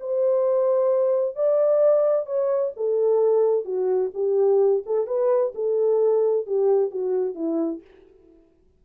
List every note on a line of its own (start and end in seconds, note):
0.00 1.36 C5
1.36 2.26 D5
2.26 2.72 C#5
2.76 3.65 A4
3.65 4.11 F#4
4.14 4.83 G4
4.86 5.07 A4
5.07 5.53 B4
5.55 6.47 A4
6.47 6.91 G4
6.91 7.35 F#4
7.35 7.81 E4